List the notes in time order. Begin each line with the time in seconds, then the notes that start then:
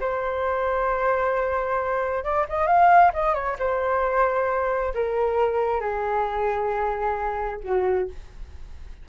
0.00 C5
2.24 D5
2.49 D#5
2.67 F5
3.13 D#5
3.34 C#5
3.59 C5
4.94 A#4
5.80 G#4
7.63 F#4